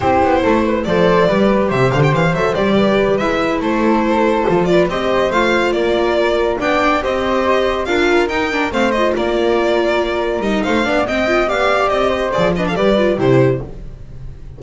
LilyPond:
<<
  \new Staff \with { instrumentName = "violin" } { \time 4/4 \tempo 4 = 141 c''2 d''2 | e''8 f''16 g''16 f''8 e''8 d''4. e''8~ | e''8 c''2~ c''8 d''8 dis''8~ | dis''8 f''4 d''2 g''8~ |
g''8 dis''2 f''4 g''8~ | g''8 f''8 dis''8 d''2~ d''8~ | d''8 dis''8 f''4 g''4 f''4 | dis''4 d''8 dis''16 f''16 d''4 c''4 | }
  \new Staff \with { instrumentName = "flute" } { \time 4/4 g'4 a'8 b'8 c''4 b'4 | c''2~ c''8 b'4.~ | b'8 a'2~ a'8 b'8 c''8~ | c''4. ais'2 d''8~ |
d''8 c''2 ais'4.~ | ais'8 c''4 ais'2~ ais'8~ | ais'4 c''8 d''8 dis''4 d''4~ | d''8 c''4 b'16 a'16 b'4 g'4 | }
  \new Staff \with { instrumentName = "viola" } { \time 4/4 e'2 a'4 g'4~ | g'4. a'8 g'4. e'8~ | e'2~ e'8 f'4 g'8~ | g'8 f'2. d'8~ |
d'8 g'2 f'4 dis'8 | d'8 c'8 f'2.~ | f'8 dis'4 d'8 c'8 f'8 g'4~ | g'4 gis'8 d'8 g'8 f'8 e'4 | }
  \new Staff \with { instrumentName = "double bass" } { \time 4/4 c'8 b8 a4 f4 g4 | c8 d8 e8 fis8 g4. gis8~ | gis8 a2 f4 c'8~ | c'8 a4 ais2 b8~ |
b8 c'2 d'4 dis'8~ | dis'8 a4 ais2~ ais8~ | ais8 g8 a8 b8 c'4 b4 | c'4 f4 g4 c4 | }
>>